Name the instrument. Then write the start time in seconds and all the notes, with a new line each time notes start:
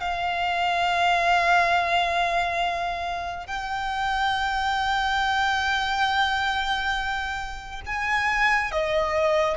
violin
0.00 F5
3.47 G5
7.86 G#5
8.72 D#5